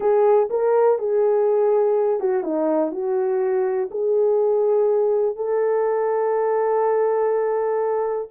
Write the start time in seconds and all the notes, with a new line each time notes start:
0.00 G#4
0.49 A#4
0.98 G#4
2.20 F#4
2.43 D#4
2.91 F#4
3.90 G#4
5.35 A4